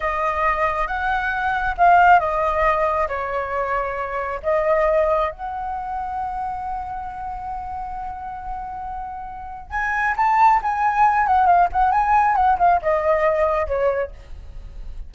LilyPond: \new Staff \with { instrumentName = "flute" } { \time 4/4 \tempo 4 = 136 dis''2 fis''2 | f''4 dis''2 cis''4~ | cis''2 dis''2 | fis''1~ |
fis''1~ | fis''2 gis''4 a''4 | gis''4. fis''8 f''8 fis''8 gis''4 | fis''8 f''8 dis''2 cis''4 | }